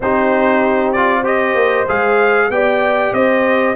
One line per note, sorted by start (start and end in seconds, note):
0.00 1.54 C4
0.00 0.95 D#4
0.00 1.21 G4
0.00 0.92 C5
0.92 1.23 F4
0.92 1.23 D5
1.21 1.86 G4
1.21 2.46 C5
1.21 1.88 D#5
1.54 1.85 A#3
1.88 2.49 G#3
1.88 2.50 G#4
1.88 2.50 F5
2.49 3.12 B3
2.49 3.76 G4
2.49 3.15 D5
2.49 3.13 G5
3.12 3.74 C4
3.12 3.76 C5
3.12 3.76 D#5